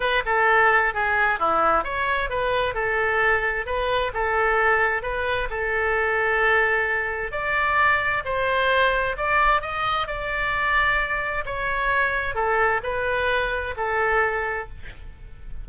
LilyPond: \new Staff \with { instrumentName = "oboe" } { \time 4/4 \tempo 4 = 131 b'8 a'4. gis'4 e'4 | cis''4 b'4 a'2 | b'4 a'2 b'4 | a'1 |
d''2 c''2 | d''4 dis''4 d''2~ | d''4 cis''2 a'4 | b'2 a'2 | }